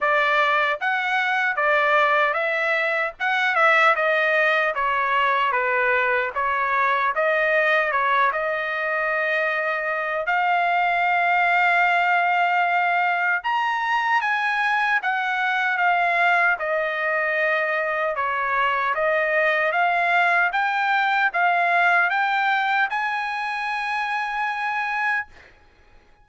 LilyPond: \new Staff \with { instrumentName = "trumpet" } { \time 4/4 \tempo 4 = 76 d''4 fis''4 d''4 e''4 | fis''8 e''8 dis''4 cis''4 b'4 | cis''4 dis''4 cis''8 dis''4.~ | dis''4 f''2.~ |
f''4 ais''4 gis''4 fis''4 | f''4 dis''2 cis''4 | dis''4 f''4 g''4 f''4 | g''4 gis''2. | }